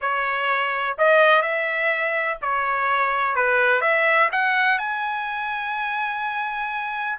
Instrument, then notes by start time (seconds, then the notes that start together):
trumpet
0.01 C#5
0.98 D#5
1.42 E5
2.41 C#5
3.35 B4
3.81 E5
4.32 F#5
4.78 G#5